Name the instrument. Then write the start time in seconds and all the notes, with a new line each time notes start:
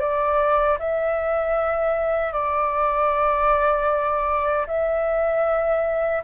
flute
0.00 D5
0.79 E5
2.33 D5
4.67 E5